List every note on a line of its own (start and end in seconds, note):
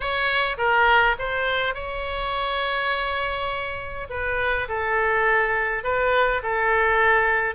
0.00 0.56 C#5
0.57 1.15 A#4
1.18 1.74 C5
1.74 4.07 C#5
4.09 4.68 B4
4.68 5.83 A4
5.83 6.42 B4
6.42 7.55 A4